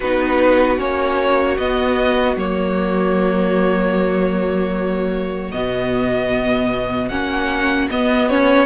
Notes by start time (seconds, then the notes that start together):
0.00 B3 D#4 F#4 B4
0.78 A#3 C#4 C#5
1.57 B3 D#5
2.36 F#3 A#3 C#5
5.51 B2 B3 D#5
7.09 A#3 C#4 F#5
7.90 B3 D#5
8.28 C#4 C#5